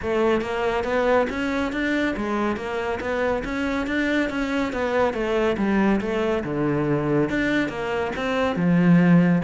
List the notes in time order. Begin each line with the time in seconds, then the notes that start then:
0.01 A3
0.41 A#3
0.84 B3
1.29 C#4
1.72 D4
2.16 G#3
2.56 A#3
3.00 B3
3.44 C#4
3.86 D4
4.29 C#4
4.72 B3
5.13 A3
5.57 G3
6.00 A3
6.44 D3
7.29 D4
7.68 A#3
8.16 C4
8.56 F3